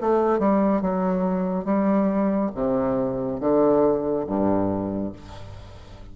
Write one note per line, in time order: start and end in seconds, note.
0.00 0.39 A3
0.39 0.81 G3
0.81 1.64 F#3
1.64 2.50 G3
2.54 3.40 C3
3.40 4.25 D3
4.26 5.12 G2